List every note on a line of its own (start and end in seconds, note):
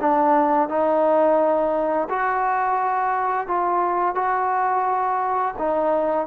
0.00 0.68 D4
0.68 2.08 D#4
2.09 3.47 F#4
3.47 4.15 F4
4.15 5.54 F#4
5.58 6.27 D#4